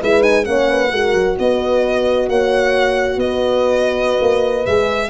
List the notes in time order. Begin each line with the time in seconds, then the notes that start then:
0.00 G#3 E4 B4 E5
0.21 D#4 G#5
0.44 A#3 C#4 C#5 F#5
0.70 B4
0.92 G#3 F#4 A#4
1.14 F#3
1.39 B3 B4 D#5
2.29 A#3 C#5 F#5
3.17 B3 B4 D#5
4.21 A#3
4.66 G#3 G#4 E5